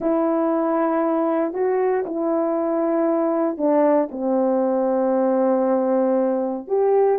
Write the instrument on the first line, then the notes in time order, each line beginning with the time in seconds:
horn
0.00 E4
1.53 F#4
2.05 E4
3.57 D4
4.11 C4
6.67 G4